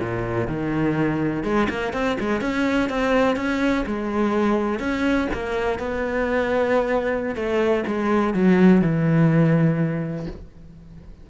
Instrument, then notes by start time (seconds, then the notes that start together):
cello
0.00 A#2
0.48 D#3
1.44 G#3
1.70 A#3
1.93 C4
2.20 G#3
2.41 C#4
2.90 C4
3.37 C#4
3.86 G#3
4.80 C#4
5.34 A#3
5.79 B3
7.35 A3
7.87 G#3
8.34 F#3
8.82 E3